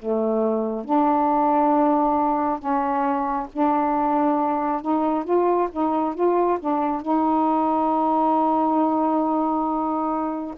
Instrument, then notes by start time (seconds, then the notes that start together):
saxophone
0.00 A3
0.85 D4
2.59 C#4
3.53 D4
4.82 D#4
5.25 F4
5.72 D#4
6.15 F4
6.60 D4
7.02 D#4